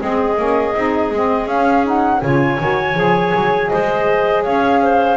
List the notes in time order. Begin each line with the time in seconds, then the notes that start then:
0.00 G#3 C4 G#4 D#5
0.37 A#3 C#4
0.75 C4 D#4
1.11 G#3 C4
1.47 C#4 F5
1.84 D#4 F#5
2.21 C#3 F4 C#5 G#5
2.60 D#3 F#4
2.95 F3 G#4
3.35 F#3
3.69 G#3 C5 D#5
4.43 C#4 C#5 F5
4.82 C5